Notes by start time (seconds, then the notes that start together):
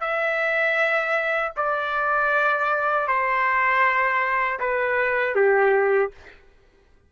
0.00 E5
1.56 D5
3.07 C5
4.59 B4
5.35 G4